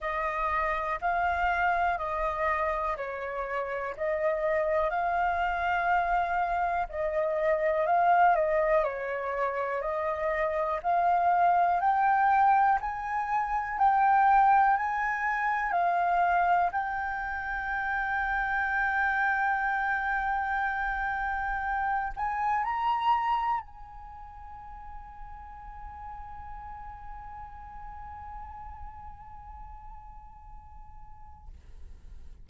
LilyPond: \new Staff \with { instrumentName = "flute" } { \time 4/4 \tempo 4 = 61 dis''4 f''4 dis''4 cis''4 | dis''4 f''2 dis''4 | f''8 dis''8 cis''4 dis''4 f''4 | g''4 gis''4 g''4 gis''4 |
f''4 g''2.~ | g''2~ g''8 gis''8 ais''4 | gis''1~ | gis''1 | }